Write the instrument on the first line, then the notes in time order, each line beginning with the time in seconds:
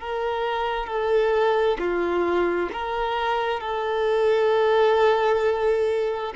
violin
0.00 A#4
0.86 A4
1.79 F4
2.72 A#4
3.60 A4